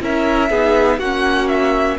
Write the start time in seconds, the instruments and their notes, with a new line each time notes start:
0.00 cello C#4, viola E4, violin A#4 E5
0.50 cello B3, viola D#4, violin G#4
0.98 cello A#3, viola C#4, violin F#4 F#5
1.48 violin E5